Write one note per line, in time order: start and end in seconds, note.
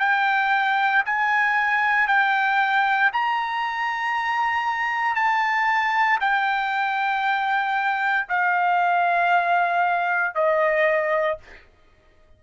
0.00 1.03 G5
1.06 2.08 G#5
2.08 3.11 G5
3.13 5.15 A#5
5.15 6.19 A5
6.21 8.28 G5
8.29 10.35 F5
10.35 11.38 D#5